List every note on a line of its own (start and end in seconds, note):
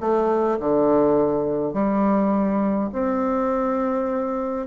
0.00 0.58 A3
0.60 1.73 D3
1.73 2.90 G3
2.93 4.67 C4